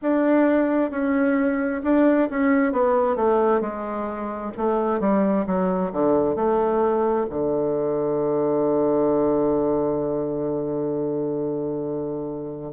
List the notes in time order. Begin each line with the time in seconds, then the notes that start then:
0.02 D4
0.90 C#4
1.83 D4
2.30 C#4
2.72 B3
3.16 A3
3.60 G#3
4.57 A3
5.00 G3
5.46 F#3
5.92 D3
6.35 A3
7.29 D3